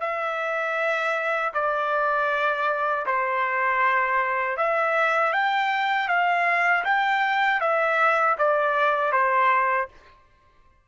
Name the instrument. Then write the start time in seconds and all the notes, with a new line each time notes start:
trumpet
0.00 E5
1.53 D5
3.06 C5
4.56 E5
5.32 G5
6.08 F5
6.84 G5
7.60 E5
8.38 D5
9.12 C5